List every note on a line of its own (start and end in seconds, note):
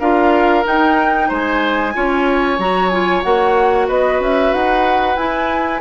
0.00 0.65 D4
0.00 0.65 F4
0.00 1.29 A#4
0.00 0.65 F5
0.65 1.94 D#4
0.65 1.31 D#4
0.65 1.32 G5
1.29 1.95 G#3
1.29 1.93 C5
1.29 2.60 G#5
1.94 2.59 C#4
1.94 2.58 F4
1.94 3.88 C#5
2.59 3.23 F#3
2.59 2.92 F#4
2.59 2.90 A#5
2.90 3.23 F4
2.90 3.22 G#5
3.23 3.90 A#3
3.23 5.17 F#4
3.23 3.88 F#5
3.88 4.21 B3
3.88 5.81 B4
3.88 4.22 D#5
4.21 4.53 C#4
4.21 4.54 E5
4.53 5.16 D#4
4.53 5.17 F#5
5.16 5.81 E4
5.16 5.81 G#5